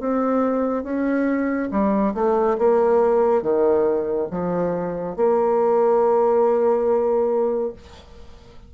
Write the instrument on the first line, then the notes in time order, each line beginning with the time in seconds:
bassoon
0.00 C4
0.83 C#4
1.71 G3
2.14 A3
2.58 A#3
3.42 D#3
4.31 F3
5.16 A#3